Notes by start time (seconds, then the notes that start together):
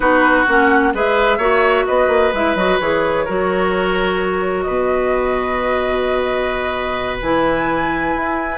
0.00 B3 D#4 F#4 B4
0.47 A#3 C#4 F#5
0.93 G#3 G#4 B4 E5
1.38 A#3 F#4 C#5
1.86 B3 B4 D#5
2.07 A#3
2.33 G#3 E4 E5
2.55 F#3 F#4 D#5
2.79 E3 G#4 C#5
3.24 F#3 F#4 A#4
4.61 B4 D#5
4.67 B2
7.22 E3 E4 G#5
8.15 E4